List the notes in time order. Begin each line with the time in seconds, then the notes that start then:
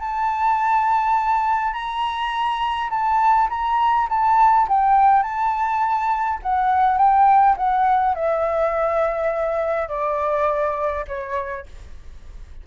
0.00 A5
1.73 A#5
2.90 A5
3.50 A#5
4.10 A5
4.69 G5
5.23 A5
6.43 F#5
6.98 G5
7.57 F#5
8.15 E5
9.89 D5
11.08 C#5